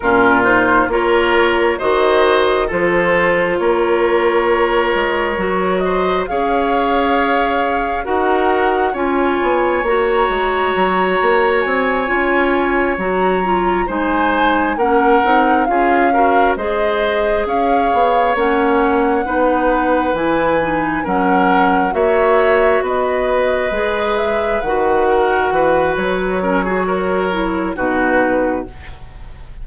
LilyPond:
<<
  \new Staff \with { instrumentName = "flute" } { \time 4/4 \tempo 4 = 67 ais'8 c''8 cis''4 dis''4 c''4 | cis''2~ cis''8 dis''8 f''4~ | f''4 fis''4 gis''4 ais''4~ | ais''4 gis''4. ais''4 gis''8~ |
gis''8 fis''4 f''4 dis''4 f''8~ | f''8 fis''2 gis''4 fis''8~ | fis''8 e''4 dis''4. e''8 fis''8~ | fis''4 cis''2 b'4 | }
  \new Staff \with { instrumentName = "oboe" } { \time 4/4 f'4 ais'4 c''4 a'4 | ais'2~ ais'8 c''8 cis''4~ | cis''4 ais'4 cis''2~ | cis''2.~ cis''8 c''8~ |
c''8 ais'4 gis'8 ais'8 c''4 cis''8~ | cis''4. b'2 ais'8~ | ais'8 cis''4 b'2~ b'8 | ais'8 b'4 ais'16 gis'16 ais'4 fis'4 | }
  \new Staff \with { instrumentName = "clarinet" } { \time 4/4 cis'8 dis'8 f'4 fis'4 f'4~ | f'2 fis'4 gis'4~ | gis'4 fis'4 f'4 fis'4~ | fis'4. f'4 fis'8 f'8 dis'8~ |
dis'8 cis'8 dis'8 f'8 fis'8 gis'4.~ | gis'8 cis'4 dis'4 e'8 dis'8 cis'8~ | cis'8 fis'2 gis'4 fis'8~ | fis'4. cis'16 fis'8. e'8 dis'4 | }
  \new Staff \with { instrumentName = "bassoon" } { \time 4/4 ais,4 ais4 dis4 f4 | ais4. gis8 fis4 cis'4~ | cis'4 dis'4 cis'8 b8 ais8 gis8 | fis8 ais8 c'8 cis'4 fis4 gis8~ |
gis8 ais8 c'8 cis'4 gis4 cis'8 | b8 ais4 b4 e4 fis8~ | fis8 ais4 b4 gis4 dis8~ | dis8 e8 fis2 b,4 | }
>>